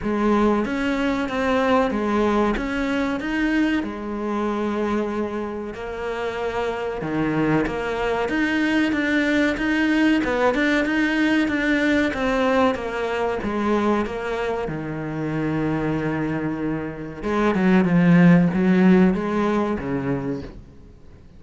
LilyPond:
\new Staff \with { instrumentName = "cello" } { \time 4/4 \tempo 4 = 94 gis4 cis'4 c'4 gis4 | cis'4 dis'4 gis2~ | gis4 ais2 dis4 | ais4 dis'4 d'4 dis'4 |
b8 d'8 dis'4 d'4 c'4 | ais4 gis4 ais4 dis4~ | dis2. gis8 fis8 | f4 fis4 gis4 cis4 | }